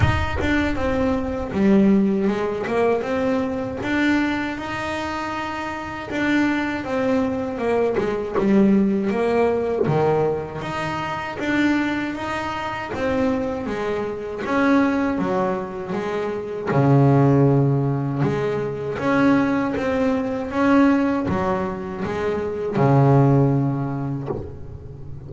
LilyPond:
\new Staff \with { instrumentName = "double bass" } { \time 4/4 \tempo 4 = 79 dis'8 d'8 c'4 g4 gis8 ais8 | c'4 d'4 dis'2 | d'4 c'4 ais8 gis8 g4 | ais4 dis4 dis'4 d'4 |
dis'4 c'4 gis4 cis'4 | fis4 gis4 cis2 | gis4 cis'4 c'4 cis'4 | fis4 gis4 cis2 | }